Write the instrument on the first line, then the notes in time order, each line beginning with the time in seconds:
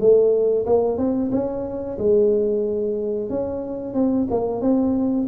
tuba
0.00 A3
0.66 A#3
0.98 C4
1.32 C#4
1.99 G#3
3.30 C#4
3.94 C4
4.30 A#3
4.61 C4